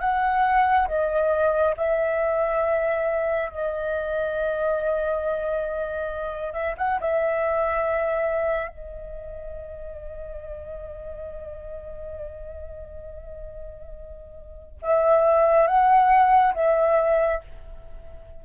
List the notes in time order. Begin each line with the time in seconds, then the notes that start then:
0.00 F#5
0.88 D#5
1.77 E5
3.50 D#5
6.53 E5
6.77 F#5
7.00 E5
8.68 D#5
14.82 E5
15.67 F#5
16.55 E5